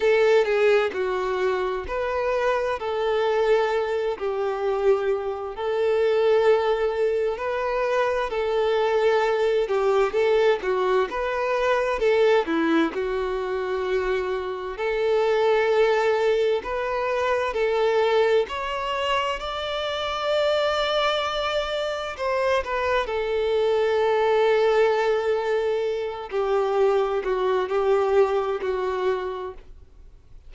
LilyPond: \new Staff \with { instrumentName = "violin" } { \time 4/4 \tempo 4 = 65 a'8 gis'8 fis'4 b'4 a'4~ | a'8 g'4. a'2 | b'4 a'4. g'8 a'8 fis'8 | b'4 a'8 e'8 fis'2 |
a'2 b'4 a'4 | cis''4 d''2. | c''8 b'8 a'2.~ | a'8 g'4 fis'8 g'4 fis'4 | }